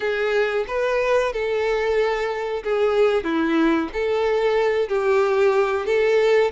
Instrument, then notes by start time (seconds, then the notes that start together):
violin
0.00 G#4
0.67 B4
1.32 A4
2.63 G#4
3.24 E4
3.93 A4
4.88 G4
5.85 A4